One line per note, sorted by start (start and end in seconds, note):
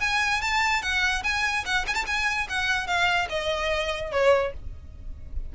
0.00 0.41 G#5
0.41 0.82 A5
0.82 1.23 F#5
1.23 1.64 G#5
1.65 1.86 F#5
1.87 1.94 G#5
1.94 2.05 A5
2.06 2.47 G#5
2.49 2.87 F#5
2.87 3.28 F5
3.29 4.11 D#5
4.12 4.53 C#5